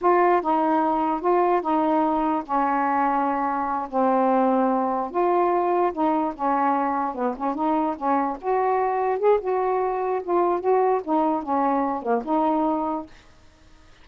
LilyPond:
\new Staff \with { instrumentName = "saxophone" } { \time 4/4 \tempo 4 = 147 f'4 dis'2 f'4 | dis'2 cis'2~ | cis'4. c'2~ c'8~ | c'8 f'2 dis'4 cis'8~ |
cis'4. b8 cis'8 dis'4 cis'8~ | cis'8 fis'2 gis'8 fis'4~ | fis'4 f'4 fis'4 dis'4 | cis'4. ais8 dis'2 | }